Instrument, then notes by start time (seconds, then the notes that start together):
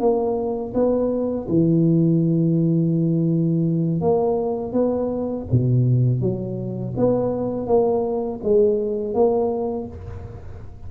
tuba
0.00 A#3
0.74 B3
1.48 E3
4.01 A#3
4.72 B3
5.51 B2
6.21 F#3
6.97 B3
7.67 A#3
8.43 G#3
9.14 A#3